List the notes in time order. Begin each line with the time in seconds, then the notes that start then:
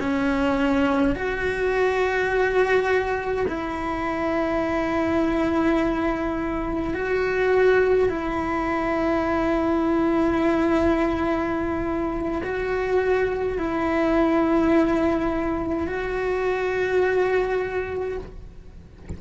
0.00 C#4
1.15 F#4
3.48 E4
6.94 F#4
8.09 E4
12.44 F#4
13.58 E4
15.88 F#4